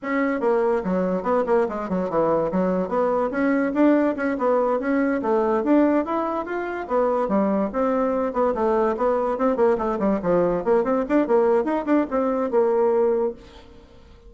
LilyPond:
\new Staff \with { instrumentName = "bassoon" } { \time 4/4 \tempo 4 = 144 cis'4 ais4 fis4 b8 ais8 | gis8 fis8 e4 fis4 b4 | cis'4 d'4 cis'8 b4 cis'8~ | cis'8 a4 d'4 e'4 f'8~ |
f'8 b4 g4 c'4. | b8 a4 b4 c'8 ais8 a8 | g8 f4 ais8 c'8 d'8 ais4 | dis'8 d'8 c'4 ais2 | }